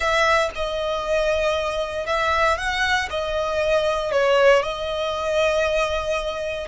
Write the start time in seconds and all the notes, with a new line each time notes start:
0.00 E5
0.55 D#5
2.06 E5
2.57 F#5
3.10 D#5
4.11 C#5
4.62 D#5